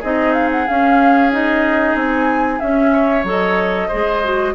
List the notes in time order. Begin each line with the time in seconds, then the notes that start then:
0.00 C4 D#4 G#4 D#5
0.34 F5
0.52 F#5
0.68 C#4 F5
1.32 D#4 D#5
1.95 C4 G#5
2.60 C#4 E5
2.93 C#5
3.24 F#3 A4 D#5
3.88 G#3 G#4 C5
4.24 F#4